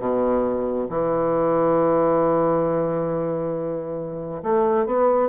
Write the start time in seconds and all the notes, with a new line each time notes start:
0.00 B2
0.89 E3
4.43 A3
4.86 B3